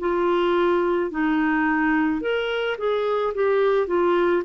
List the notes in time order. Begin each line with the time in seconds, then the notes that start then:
0.00 F4
1.11 D#4
2.22 A#4
2.78 G#4
3.35 G4
3.87 F4